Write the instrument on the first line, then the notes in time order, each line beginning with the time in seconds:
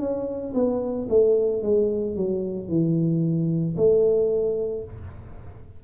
tuba
0.00 C#4
0.54 B3
1.09 A3
1.63 G#3
2.16 F#3
2.69 E3
3.77 A3